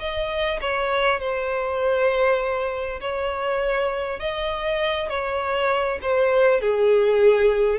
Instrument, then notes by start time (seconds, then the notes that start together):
violin
0.00 D#5
0.61 C#5
1.20 C5
3.01 C#5
4.19 D#5
5.09 C#5
6.02 C5
6.61 G#4